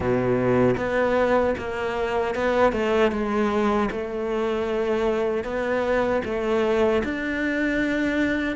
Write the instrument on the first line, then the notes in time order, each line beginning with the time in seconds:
cello
0.00 B2
0.77 B3
1.58 A#3
2.34 B3
2.72 A3
3.11 G#3
3.91 A3
5.44 B3
6.24 A3
7.03 D4